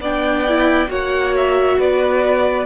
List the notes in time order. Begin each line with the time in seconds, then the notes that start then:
0.00 B3 D4 D5 G5
0.49 E4
0.88 A#3 F#4 C#5 F#5
1.37 E5
1.79 B3 B4 D5